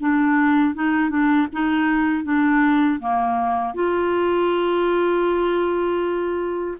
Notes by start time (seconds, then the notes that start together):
0.00 D4
0.74 D#4
1.09 D4
1.52 D#4
2.23 D4
2.99 A#3
3.74 F4